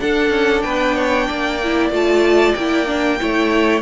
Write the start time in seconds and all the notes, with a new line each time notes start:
0.00 D4 A4 F#5
0.29 C#4
0.61 B3 B4 G5
0.95 C#5
1.27 A#3 D5
1.64 E4
1.90 A3 F4 A5
2.53 A#3 E4 G5
2.86 D4
3.20 A3 E4 C#5